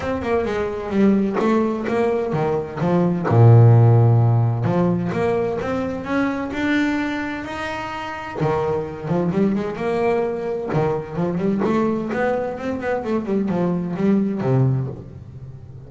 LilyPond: \new Staff \with { instrumentName = "double bass" } { \time 4/4 \tempo 4 = 129 c'8 ais8 gis4 g4 a4 | ais4 dis4 f4 ais,4~ | ais,2 f4 ais4 | c'4 cis'4 d'2 |
dis'2 dis4. f8 | g8 gis8 ais2 dis4 | f8 g8 a4 b4 c'8 b8 | a8 g8 f4 g4 c4 | }